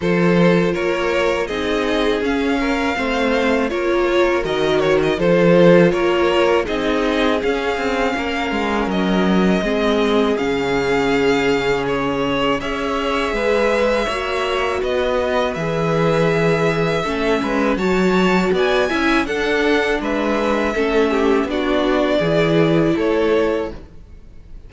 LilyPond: <<
  \new Staff \with { instrumentName = "violin" } { \time 4/4 \tempo 4 = 81 c''4 cis''4 dis''4 f''4~ | f''4 cis''4 dis''8 cis''16 dis''16 c''4 | cis''4 dis''4 f''2 | dis''2 f''2 |
cis''4 e''2. | dis''4 e''2. | a''4 gis''4 fis''4 e''4~ | e''4 d''2 cis''4 | }
  \new Staff \with { instrumentName = "violin" } { \time 4/4 a'4 ais'4 gis'4. ais'8 | c''4 ais'2 a'4 | ais'4 gis'2 ais'4~ | ais'4 gis'2.~ |
gis'4 cis''4 b'4 cis''4 | b'2. a'8 b'8 | cis''4 d''8 e''8 a'4 b'4 | a'8 g'8 fis'4 gis'4 a'4 | }
  \new Staff \with { instrumentName = "viola" } { \time 4/4 f'2 dis'4 cis'4 | c'4 f'4 fis'4 f'4~ | f'4 dis'4 cis'2~ | cis'4 c'4 cis'2~ |
cis'4 gis'2 fis'4~ | fis'4 gis'2 cis'4 | fis'4. e'8 d'2 | cis'4 d'4 e'2 | }
  \new Staff \with { instrumentName = "cello" } { \time 4/4 f4 ais4 c'4 cis'4 | a4 ais4 dis4 f4 | ais4 c'4 cis'8 c'8 ais8 gis8 | fis4 gis4 cis2~ |
cis4 cis'4 gis4 ais4 | b4 e2 a8 gis8 | fis4 b8 cis'8 d'4 gis4 | a4 b4 e4 a4 | }
>>